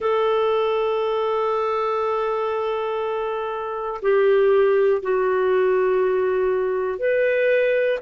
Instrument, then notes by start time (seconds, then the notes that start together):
clarinet
0.00 A4
4.01 G4
5.02 F#4
6.99 B4